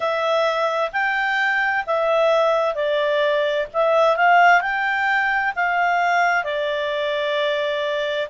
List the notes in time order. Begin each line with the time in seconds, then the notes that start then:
0.00 E5
0.92 G5
1.86 E5
2.74 D5
3.73 E5
4.16 F5
4.61 G5
5.56 F5
6.44 D5